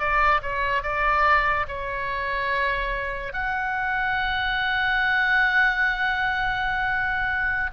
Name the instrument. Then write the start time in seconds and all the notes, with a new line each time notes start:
oboe
0.00 D5
0.43 C#5
0.83 D5
1.68 C#5
3.33 F#5